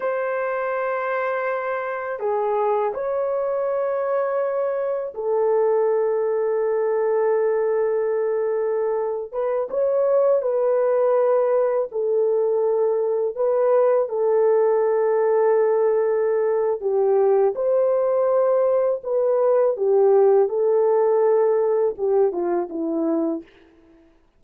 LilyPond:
\new Staff \with { instrumentName = "horn" } { \time 4/4 \tempo 4 = 82 c''2. gis'4 | cis''2. a'4~ | a'1~ | a'8. b'8 cis''4 b'4.~ b'16~ |
b'16 a'2 b'4 a'8.~ | a'2. g'4 | c''2 b'4 g'4 | a'2 g'8 f'8 e'4 | }